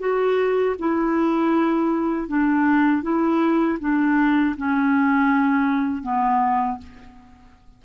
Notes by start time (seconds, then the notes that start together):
0.00 F#4
0.79 E4
2.29 D4
3.03 E4
3.80 D4
4.57 C#4
6.03 B3